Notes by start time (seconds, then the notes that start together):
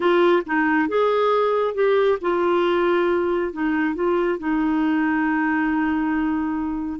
0.00 F4
0.46 D#4
0.88 G#4
1.74 G4
2.21 F4
3.52 D#4
3.95 F4
4.38 D#4